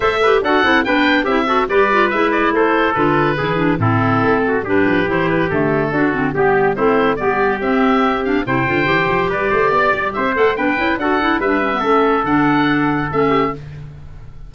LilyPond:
<<
  \new Staff \with { instrumentName = "oboe" } { \time 4/4 \tempo 4 = 142 e''4 fis''4 g''4 e''4 | d''4 e''8 d''8 c''4 b'4~ | b'4 a'2 b'4 | c''8 b'8 a'2 g'4 |
c''4 d''4 e''4. f''8 | g''2 d''2 | e''8 fis''8 g''4 fis''4 e''4~ | e''4 fis''2 e''4 | }
  \new Staff \with { instrumentName = "trumpet" } { \time 4/4 c''8 b'8 a'4 b'4 g'8 a'8 | b'2 a'2 | gis'4 e'4. fis'8 g'4~ | g'2 fis'4 g'4 |
e'4 g'2. | c''2 b'8 c''8 d''4 | c''4 b'4 a'4 b'4 | a'2.~ a'8 g'8 | }
  \new Staff \with { instrumentName = "clarinet" } { \time 4/4 a'8 g'8 fis'8 e'8 d'4 e'8 fis'8 | g'8 f'8 e'2 f'4 | e'8 d'8 c'2 d'4 | e'4 a4 d'8 c'8 b4 |
c'4 b4 c'4. d'8 | e'8 f'8 g'2.~ | g'8 a'8 d'8 e'8 fis'8 e'8 d'8 cis'16 b16 | cis'4 d'2 cis'4 | }
  \new Staff \with { instrumentName = "tuba" } { \time 4/4 a4 d'8 c'8 b4 c'4 | g4 gis4 a4 d4 | e4 a,4 a4 g8 f8 | e4 d4 d'8 d8 g4 |
a4 g4 c'2 | c8 d8 e8 f8 g8 a8 b8 g8 | c'8 a8 b8 cis'8 d'4 g4 | a4 d2 a4 | }
>>